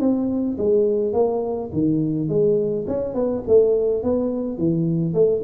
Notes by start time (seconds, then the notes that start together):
0.00 C4
0.58 G#3
1.13 A#3
1.73 D#3
2.29 G#3
2.88 C#4
3.15 B3
3.48 A3
4.03 B3
4.58 E3
5.14 A3